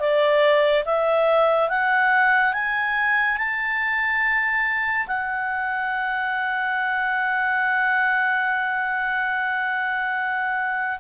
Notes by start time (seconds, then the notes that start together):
0.00 D5
0.86 E5
1.70 F#5
2.54 G#5
3.38 A5
5.08 F#5